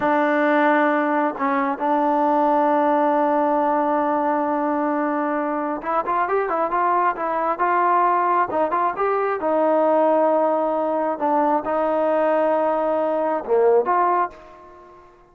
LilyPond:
\new Staff \with { instrumentName = "trombone" } { \time 4/4 \tempo 4 = 134 d'2. cis'4 | d'1~ | d'1~ | d'4 e'8 f'8 g'8 e'8 f'4 |
e'4 f'2 dis'8 f'8 | g'4 dis'2.~ | dis'4 d'4 dis'2~ | dis'2 ais4 f'4 | }